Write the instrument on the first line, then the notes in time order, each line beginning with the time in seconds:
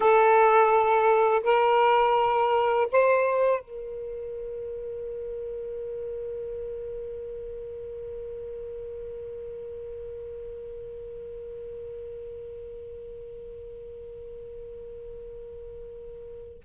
saxophone
0.00 A4
1.43 A#4
2.92 C5
3.61 A#4